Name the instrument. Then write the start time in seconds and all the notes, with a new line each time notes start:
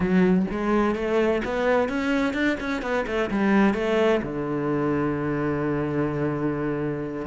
cello
0.00 F#3
0.50 G#3
0.95 A3
1.44 B3
1.88 C#4
2.33 D4
2.60 C#4
2.81 B3
3.06 A3
3.30 G3
3.74 A3
4.22 D3